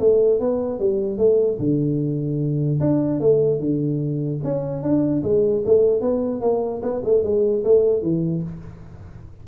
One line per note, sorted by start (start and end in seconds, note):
0.00 0.40 A3
0.40 0.79 B3
0.79 1.18 G3
1.18 1.58 A3
1.59 2.80 D3
2.80 3.20 D4
3.20 3.60 A3
3.60 4.40 D3
4.44 4.82 C#4
4.82 5.23 D4
5.23 5.63 G#3
5.65 6.01 A3
6.01 6.41 B3
6.41 6.81 A#3
6.82 7.02 B3
7.04 7.23 A3
7.23 7.63 G#3
7.64 8.02 A3
8.02 8.43 E3